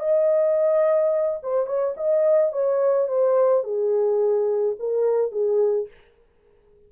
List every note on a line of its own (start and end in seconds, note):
0.00 1.40 D#5
1.43 1.67 C5
1.67 1.95 C#5
1.97 2.53 D#5
2.53 3.08 C#5
3.08 3.64 C5
3.64 4.76 G#4
4.79 5.32 A#4
5.32 5.88 G#4